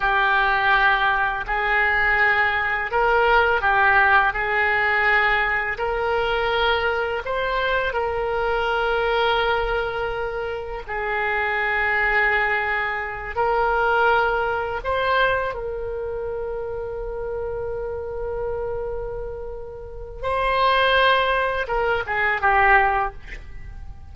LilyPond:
\new Staff \with { instrumentName = "oboe" } { \time 4/4 \tempo 4 = 83 g'2 gis'2 | ais'4 g'4 gis'2 | ais'2 c''4 ais'4~ | ais'2. gis'4~ |
gis'2~ gis'8 ais'4.~ | ais'8 c''4 ais'2~ ais'8~ | ais'1 | c''2 ais'8 gis'8 g'4 | }